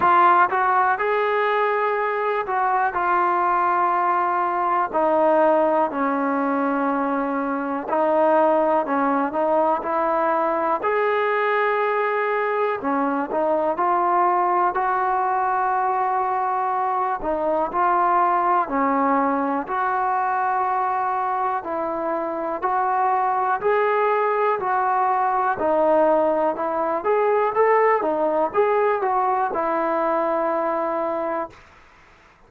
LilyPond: \new Staff \with { instrumentName = "trombone" } { \time 4/4 \tempo 4 = 61 f'8 fis'8 gis'4. fis'8 f'4~ | f'4 dis'4 cis'2 | dis'4 cis'8 dis'8 e'4 gis'4~ | gis'4 cis'8 dis'8 f'4 fis'4~ |
fis'4. dis'8 f'4 cis'4 | fis'2 e'4 fis'4 | gis'4 fis'4 dis'4 e'8 gis'8 | a'8 dis'8 gis'8 fis'8 e'2 | }